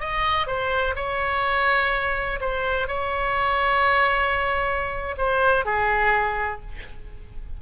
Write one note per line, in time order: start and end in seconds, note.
0.00 0.47 D#5
0.47 0.95 C5
0.95 2.39 C#5
2.41 2.88 C5
2.88 5.16 C#5
5.18 5.65 C5
5.65 6.61 G#4